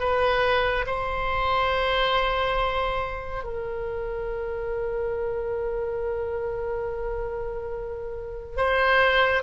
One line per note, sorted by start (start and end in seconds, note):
0.00 0.86 B4
0.87 3.44 C5
3.44 8.57 A#4
8.57 9.43 C5